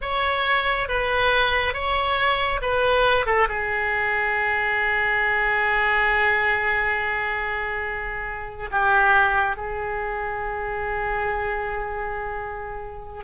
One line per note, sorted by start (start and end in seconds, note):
0.01 0.88 C#5
0.88 1.73 B4
1.73 2.60 C#5
2.61 3.26 B4
3.26 3.47 A4
3.48 8.70 G#4
8.71 9.56 G4
9.56 13.24 G#4